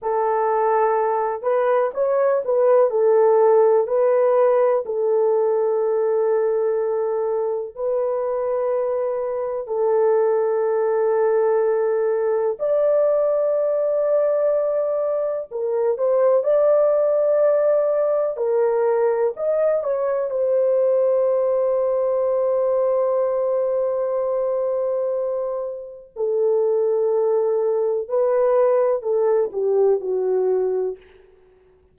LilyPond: \new Staff \with { instrumentName = "horn" } { \time 4/4 \tempo 4 = 62 a'4. b'8 cis''8 b'8 a'4 | b'4 a'2. | b'2 a'2~ | a'4 d''2. |
ais'8 c''8 d''2 ais'4 | dis''8 cis''8 c''2.~ | c''2. a'4~ | a'4 b'4 a'8 g'8 fis'4 | }